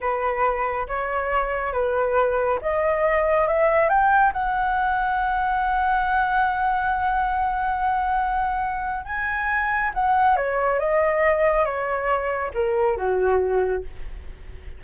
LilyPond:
\new Staff \with { instrumentName = "flute" } { \time 4/4 \tempo 4 = 139 b'2 cis''2 | b'2 dis''2 | e''4 g''4 fis''2~ | fis''1~ |
fis''1~ | fis''4 gis''2 fis''4 | cis''4 dis''2 cis''4~ | cis''4 ais'4 fis'2 | }